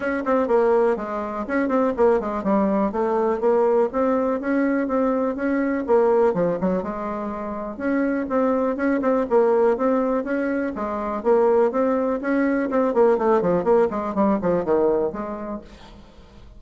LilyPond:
\new Staff \with { instrumentName = "bassoon" } { \time 4/4 \tempo 4 = 123 cis'8 c'8 ais4 gis4 cis'8 c'8 | ais8 gis8 g4 a4 ais4 | c'4 cis'4 c'4 cis'4 | ais4 f8 fis8 gis2 |
cis'4 c'4 cis'8 c'8 ais4 | c'4 cis'4 gis4 ais4 | c'4 cis'4 c'8 ais8 a8 f8 | ais8 gis8 g8 f8 dis4 gis4 | }